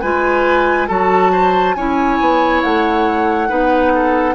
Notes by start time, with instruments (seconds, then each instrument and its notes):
0.00 bassoon G#3, clarinet F4, oboe B4, flute G#5
0.87 bassoon F#3, clarinet F#4, oboe A4, flute A5
1.32 oboe C5
1.74 bassoon C#4, clarinet E4, oboe C#5, flute G#5
2.19 bassoon B3
2.62 bassoon A3, flute F#5
3.48 bassoon B3, clarinet D#4, oboe B4
3.94 oboe A4